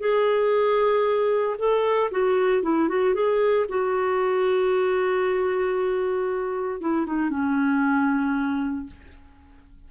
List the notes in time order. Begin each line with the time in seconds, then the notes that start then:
0.00 G#4
1.58 A4
2.11 F#4
2.63 E4
2.89 F#4
3.14 G#4
3.69 F#4
6.81 E4
7.06 D#4
7.30 C#4